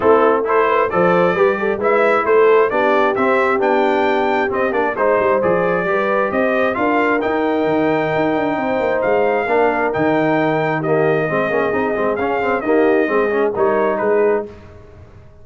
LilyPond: <<
  \new Staff \with { instrumentName = "trumpet" } { \time 4/4 \tempo 4 = 133 a'4 c''4 d''2 | e''4 c''4 d''4 e''4 | g''2 dis''8 d''8 c''4 | d''2 dis''4 f''4 |
g''1 | f''2 g''2 | dis''2. f''4 | dis''2 cis''4 b'4 | }
  \new Staff \with { instrumentName = "horn" } { \time 4/4 e'4 a'8 b'8 c''4 b'8 a'8 | b'4 a'4 g'2~ | g'2. c''4~ | c''4 b'4 c''4 ais'4~ |
ais'2. c''4~ | c''4 ais'2. | g'4 gis'2. | g'4 gis'4 ais'4 gis'4 | }
  \new Staff \with { instrumentName = "trombone" } { \time 4/4 c'4 e'4 a'4 g'4 | e'2 d'4 c'4 | d'2 c'8 d'8 dis'4 | gis'4 g'2 f'4 |
dis'1~ | dis'4 d'4 dis'2 | ais4 c'8 cis'8 dis'8 c'8 cis'8 c'8 | ais4 c'8 cis'8 dis'2 | }
  \new Staff \with { instrumentName = "tuba" } { \time 4/4 a2 f4 g4 | gis4 a4 b4 c'4 | b2 c'8 ais8 gis8 g8 | f4 g4 c'4 d'4 |
dis'4 dis4 dis'8 d'8 c'8 ais8 | gis4 ais4 dis2~ | dis4 gis8 ais8 c'8 gis8 cis'4 | dis'4 gis4 g4 gis4 | }
>>